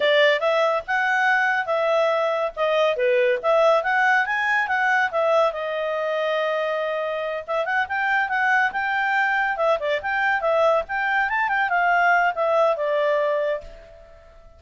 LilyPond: \new Staff \with { instrumentName = "clarinet" } { \time 4/4 \tempo 4 = 141 d''4 e''4 fis''2 | e''2 dis''4 b'4 | e''4 fis''4 gis''4 fis''4 | e''4 dis''2.~ |
dis''4. e''8 fis''8 g''4 fis''8~ | fis''8 g''2 e''8 d''8 g''8~ | g''8 e''4 g''4 a''8 g''8 f''8~ | f''4 e''4 d''2 | }